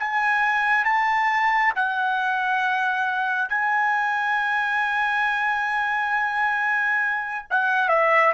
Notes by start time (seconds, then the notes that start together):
0.00 G#5
0.85 A5
1.76 F#5
3.49 G#5
7.51 F#5
7.89 E5